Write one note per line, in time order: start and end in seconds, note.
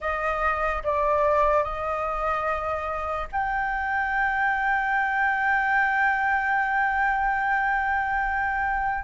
0.00 0.83 D#5
0.83 1.63 D5
1.63 3.27 D#5
3.32 9.04 G5